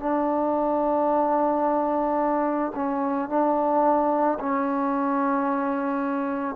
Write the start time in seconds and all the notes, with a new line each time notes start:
0.00 D4
2.75 C#4
3.29 D4
4.40 C#4